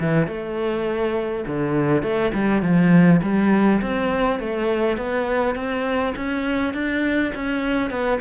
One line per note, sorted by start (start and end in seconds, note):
0.00 0.27 E3
0.27 1.45 A3
1.47 2.03 D3
2.03 2.32 A3
2.34 2.62 G3
2.62 3.21 F3
3.22 3.81 G3
3.82 4.40 C4
4.40 4.97 A3
4.97 5.55 B3
5.55 6.14 C4
6.16 6.74 C#4
6.74 7.32 D4
7.35 7.90 C#4
7.90 8.20 B3